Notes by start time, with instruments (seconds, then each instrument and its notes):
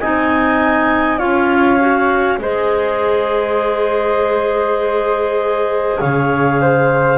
0.00 double bass C4, clarinet D#4 G#5, flute D#5
1.18 double bass C#4, clarinet F4 F5, flute C#5
1.79 clarinet F#4
2.39 double bass G#3, clarinet G#4 D#5, flute C5
5.99 double bass C#3, flute C#5, clarinet F5
6.61 flute C5